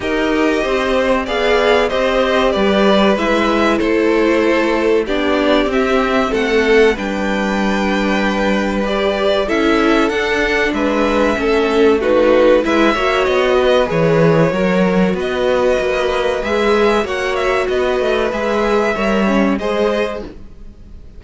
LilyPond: <<
  \new Staff \with { instrumentName = "violin" } { \time 4/4 \tempo 4 = 95 dis''2 f''4 dis''4 | d''4 e''4 c''2 | d''4 e''4 fis''4 g''4~ | g''2 d''4 e''4 |
fis''4 e''2 b'4 | e''4 dis''4 cis''2 | dis''2 e''4 fis''8 e''8 | dis''4 e''2 dis''4 | }
  \new Staff \with { instrumentName = "violin" } { \time 4/4 ais'4 c''4 d''4 c''4 | b'2 a'2 | g'2 a'4 b'4~ | b'2. a'4~ |
a'4 b'4 a'4 fis'4 | b'8 cis''4 b'4. ais'4 | b'2. cis''4 | b'2 cis''4 c''4 | }
  \new Staff \with { instrumentName = "viola" } { \time 4/4 g'2 gis'4 g'4~ | g'4 e'2. | d'4 c'2 d'4~ | d'2 g'4 e'4 |
d'2 cis'4 dis'4 | e'8 fis'4. gis'4 fis'4~ | fis'2 gis'4 fis'4~ | fis'4 gis'4 ais'8 cis'8 gis'4 | }
  \new Staff \with { instrumentName = "cello" } { \time 4/4 dis'4 c'4 b4 c'4 | g4 gis4 a2 | b4 c'4 a4 g4~ | g2. cis'4 |
d'4 gis4 a2 | gis8 ais8 b4 e4 fis4 | b4 ais4 gis4 ais4 | b8 a8 gis4 g4 gis4 | }
>>